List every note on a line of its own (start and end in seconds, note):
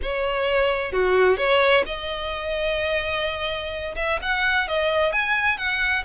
0.02 0.92 C#5
0.92 1.37 F#4
1.37 1.84 C#5
1.86 3.95 D#5
3.95 4.19 E5
4.22 4.68 F#5
4.68 5.12 D#5
5.12 5.57 G#5
5.57 6.04 F#5